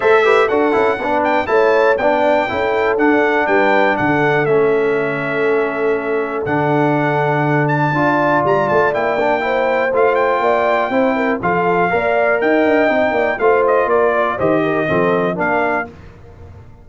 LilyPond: <<
  \new Staff \with { instrumentName = "trumpet" } { \time 4/4 \tempo 4 = 121 e''4 fis''4. g''8 a''4 | g''2 fis''4 g''4 | fis''4 e''2.~ | e''4 fis''2~ fis''8 a''8~ |
a''4 ais''8 a''8 g''2 | f''8 g''2~ g''8 f''4~ | f''4 g''2 f''8 dis''8 | d''4 dis''2 f''4 | }
  \new Staff \with { instrumentName = "horn" } { \time 4/4 c''8 b'8 a'4 b'4 cis''4 | d''4 a'2 b'4 | a'1~ | a'1 |
d''2. c''4~ | c''4 d''4 c''8 ais'8 a'4 | d''4 dis''4. d''8 c''4 | ais'8 d''8 c''8 ais'8 a'4 ais'4 | }
  \new Staff \with { instrumentName = "trombone" } { \time 4/4 a'8 g'8 fis'8 e'8 d'4 e'4 | d'4 e'4 d'2~ | d'4 cis'2.~ | cis'4 d'2. |
f'2 e'8 d'8 e'4 | f'2 e'4 f'4 | ais'2 dis'4 f'4~ | f'4 g'4 c'4 d'4 | }
  \new Staff \with { instrumentName = "tuba" } { \time 4/4 a4 d'8 cis'8 b4 a4 | b4 cis'4 d'4 g4 | d4 a2.~ | a4 d2. |
d'4 g8 a8 ais2 | a4 ais4 c'4 f4 | ais4 dis'8 d'8 c'8 ais8 a4 | ais4 dis4 f4 ais4 | }
>>